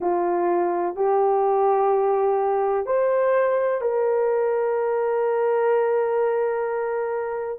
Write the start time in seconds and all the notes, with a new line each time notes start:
0.00 F4
0.95 G4
2.86 C5
3.81 A#4